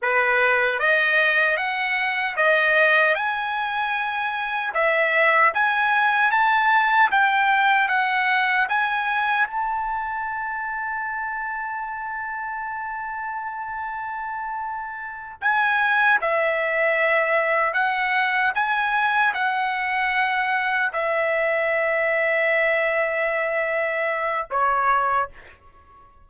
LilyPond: \new Staff \with { instrumentName = "trumpet" } { \time 4/4 \tempo 4 = 76 b'4 dis''4 fis''4 dis''4 | gis''2 e''4 gis''4 | a''4 g''4 fis''4 gis''4 | a''1~ |
a''2.~ a''8 gis''8~ | gis''8 e''2 fis''4 gis''8~ | gis''8 fis''2 e''4.~ | e''2. cis''4 | }